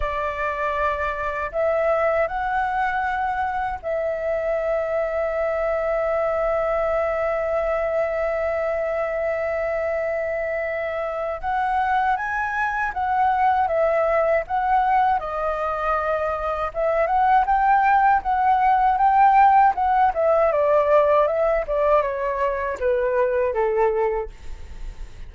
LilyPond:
\new Staff \with { instrumentName = "flute" } { \time 4/4 \tempo 4 = 79 d''2 e''4 fis''4~ | fis''4 e''2.~ | e''1~ | e''2. fis''4 |
gis''4 fis''4 e''4 fis''4 | dis''2 e''8 fis''8 g''4 | fis''4 g''4 fis''8 e''8 d''4 | e''8 d''8 cis''4 b'4 a'4 | }